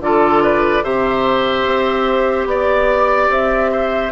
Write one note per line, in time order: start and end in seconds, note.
0.00 0.82 D3
0.00 0.83 F4
0.00 0.43 A4
0.00 0.83 D5
0.43 0.84 B4
0.83 1.65 C3
0.83 4.12 G4
0.83 2.48 C5
0.83 2.48 E5
1.65 2.45 C4
2.45 3.28 B3
2.45 3.31 D5
2.45 3.71 D5
3.29 4.11 C4
3.29 4.12 E5
3.71 4.12 C5